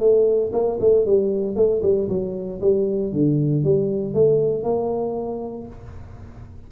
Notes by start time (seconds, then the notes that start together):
0.00 A3
0.53 A#3
0.80 A3
1.06 G3
1.56 A3
1.82 G3
2.09 F#3
2.61 G3
3.13 D3
3.64 G3
4.14 A3
4.64 A#3